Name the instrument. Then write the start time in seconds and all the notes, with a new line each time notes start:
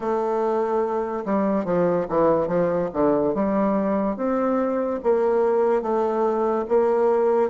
bassoon
0.00 A3
1.25 G3
1.64 F3
2.08 E3
2.47 F3
2.93 D3
3.34 G3
4.16 C4
5.03 A#3
5.81 A3
6.68 A#3